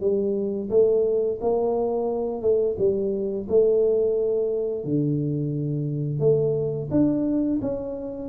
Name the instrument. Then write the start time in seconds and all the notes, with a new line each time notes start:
tuba
0.00 G3
0.70 A3
1.41 A#3
2.41 A3
2.78 G3
3.49 A3
4.84 D3
6.19 A3
6.91 D4
7.61 C#4